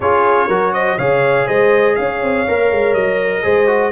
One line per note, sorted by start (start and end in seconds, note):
0.00 0.48 C#4
0.00 0.49 F4
0.00 0.47 G#4
0.00 0.73 C#5
0.47 0.97 F#3
0.47 0.99 F#4
0.47 0.72 A#4
0.73 0.97 C5
0.73 0.98 D#5
0.97 1.47 C#3
0.97 2.46 G#4
0.97 1.46 C#5
0.97 1.47 F5
1.46 1.97 G#3
1.46 1.95 C5
1.46 1.95 D#5
1.95 2.22 C#4
1.95 3.43 C#5
1.95 2.94 F5
2.22 2.46 C4
2.47 2.71 A#3
2.47 3.43 A#4
2.71 2.94 G#3
2.94 3.43 F#3
2.94 3.91 D#5
3.43 3.91 G#3
3.43 3.67 G#4
3.43 3.91 C5
3.67 3.91 F#4